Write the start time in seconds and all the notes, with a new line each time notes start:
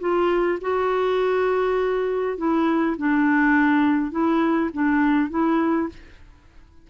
0.00 F4
0.61 F#4
2.37 E4
2.98 D4
4.11 E4
4.73 D4
5.30 E4